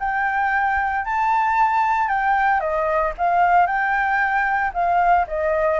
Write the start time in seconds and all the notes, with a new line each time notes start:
0.00 G5
1.05 A5
2.09 G5
2.60 D#5
3.17 F5
3.67 G5
4.74 F5
5.28 D#5